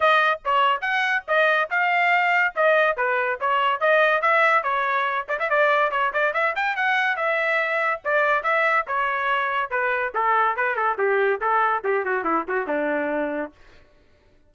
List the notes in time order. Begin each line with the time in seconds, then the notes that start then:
0.00 D#5
0.44 C#5
0.81 F#5
1.27 D#5
1.70 F5
2.55 D#5
2.96 B4
3.40 C#5
3.80 D#5
4.21 E5
4.63 C#5
5.28 D5
5.39 E5
5.49 D5
5.91 C#5
6.13 D5
6.33 E5
6.55 G5
6.75 F#5
7.16 E5
8.04 D5
8.43 E5
8.87 C#5
9.70 B4
10.14 A4
10.56 B4
10.75 A4
10.98 G4
11.40 A4
11.83 G4
12.04 F#4
12.23 E4
12.48 F#4
12.67 D4